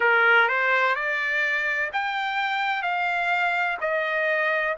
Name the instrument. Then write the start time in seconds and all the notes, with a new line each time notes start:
trumpet
0.00 A#4
0.48 C5
0.95 D5
1.93 G5
2.82 F5
3.81 D#5